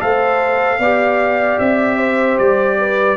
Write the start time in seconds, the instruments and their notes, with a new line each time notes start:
0.00 tuba A3, trombone A4, horn C5, trumpet F5
0.79 tuba B3, trombone G4, horn D5
1.59 tuba C4, trumpet E5
1.98 horn C5
2.38 tuba G3, trumpet D5
2.78 horn B4